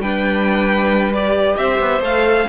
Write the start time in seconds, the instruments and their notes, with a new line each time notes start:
0.00 cello G3, viola D4, violin B4 G5
1.13 viola G4, violin D5
1.57 cello C4, violin C5 E5
1.80 cello B3
2.00 cello A3, viola A4, violin F5